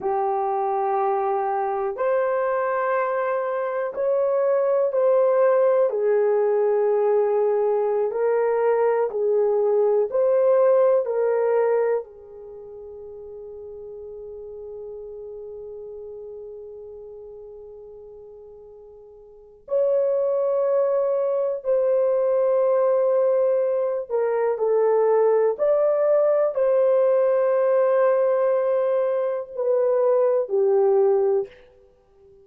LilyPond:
\new Staff \with { instrumentName = "horn" } { \time 4/4 \tempo 4 = 61 g'2 c''2 | cis''4 c''4 gis'2~ | gis'16 ais'4 gis'4 c''4 ais'8.~ | ais'16 gis'2.~ gis'8.~ |
gis'1 | cis''2 c''2~ | c''8 ais'8 a'4 d''4 c''4~ | c''2 b'4 g'4 | }